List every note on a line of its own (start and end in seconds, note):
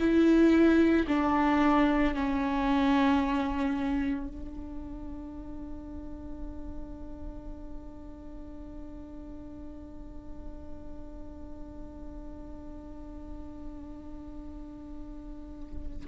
0.00 1.07 E4
1.08 2.15 D4
2.15 4.28 C#4
4.28 16.07 D4